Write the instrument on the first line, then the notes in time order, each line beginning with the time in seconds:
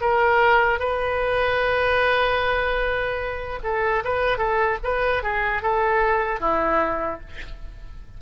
oboe
0.00 A#4
0.79 B4
3.63 A4
4.04 B4
4.37 A4
4.83 B4
5.23 G#4
5.62 A4
6.40 E4